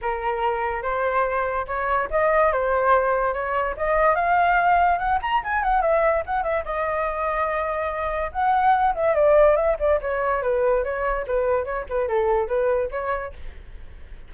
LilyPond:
\new Staff \with { instrumentName = "flute" } { \time 4/4 \tempo 4 = 144 ais'2 c''2 | cis''4 dis''4 c''2 | cis''4 dis''4 f''2 | fis''8 ais''8 gis''8 fis''8 e''4 fis''8 e''8 |
dis''1 | fis''4. e''8 d''4 e''8 d''8 | cis''4 b'4 cis''4 b'4 | cis''8 b'8 a'4 b'4 cis''4 | }